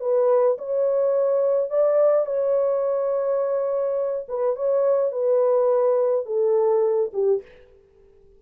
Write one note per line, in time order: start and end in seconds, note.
0.00 0.57 B4
0.58 1.70 C#5
1.70 2.26 D5
2.26 4.26 C#5
4.28 4.56 B4
4.56 5.11 C#5
5.11 6.25 B4
6.25 7.11 A4
7.13 7.42 G4